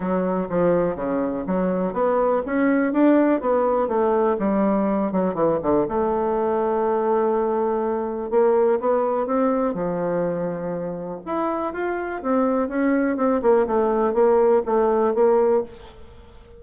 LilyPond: \new Staff \with { instrumentName = "bassoon" } { \time 4/4 \tempo 4 = 123 fis4 f4 cis4 fis4 | b4 cis'4 d'4 b4 | a4 g4. fis8 e8 d8 | a1~ |
a4 ais4 b4 c'4 | f2. e'4 | f'4 c'4 cis'4 c'8 ais8 | a4 ais4 a4 ais4 | }